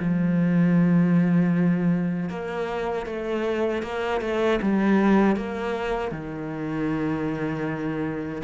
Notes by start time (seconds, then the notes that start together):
0.00 F3
2.29 A#3
3.06 A3
3.83 A#3
4.21 A3
4.62 G3
5.36 A#3
6.12 D#3